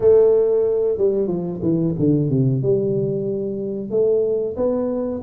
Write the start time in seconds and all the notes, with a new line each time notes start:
0.00 A3
0.97 G3
1.27 F3
1.62 E3
1.99 D3
2.29 C3
2.62 G3
3.90 A3
4.56 B3